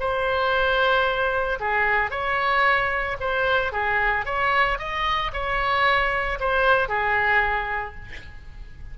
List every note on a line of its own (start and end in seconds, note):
0.00 1.59 C5
1.60 2.11 G#4
2.11 3.17 C#5
3.21 3.73 C5
3.73 4.26 G#4
4.26 4.79 C#5
4.79 5.32 D#5
5.33 6.40 C#5
6.40 6.89 C5
6.89 7.95 G#4